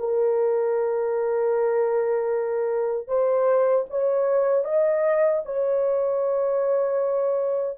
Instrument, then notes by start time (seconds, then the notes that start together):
horn
0.00 A#4
3.08 C5
3.91 C#5
4.65 D#5
5.45 C#5